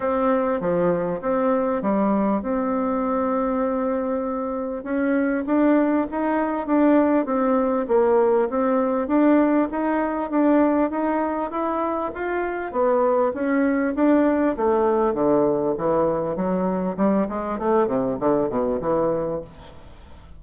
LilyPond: \new Staff \with { instrumentName = "bassoon" } { \time 4/4 \tempo 4 = 99 c'4 f4 c'4 g4 | c'1 | cis'4 d'4 dis'4 d'4 | c'4 ais4 c'4 d'4 |
dis'4 d'4 dis'4 e'4 | f'4 b4 cis'4 d'4 | a4 d4 e4 fis4 | g8 gis8 a8 c8 d8 b,8 e4 | }